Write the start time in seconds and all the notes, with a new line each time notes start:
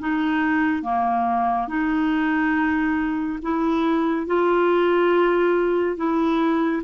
0.00 D#4
0.83 A#3
1.68 D#4
3.42 E4
4.27 F4
5.97 E4